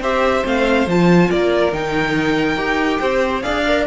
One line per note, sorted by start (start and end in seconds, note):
0.00 0.43 C4
0.00 0.42 G4
0.00 1.29 C5
0.00 0.46 E5
0.42 0.87 A3
0.42 0.85 C4
0.42 0.89 F5
0.87 1.29 F3
0.87 1.72 F4
0.87 1.30 A5
1.30 1.72 A#3
1.30 3.01 A#4
1.30 1.73 D5
1.72 2.56 D#3
1.72 2.56 D#4
1.72 3.41 G5
2.56 2.99 D#4
2.56 3.42 G4
3.01 3.44 C4
3.01 3.43 C5
3.41 3.87 D4
3.41 3.64 G#4
3.41 3.86 D5
3.41 3.84 F5
3.67 3.87 A#4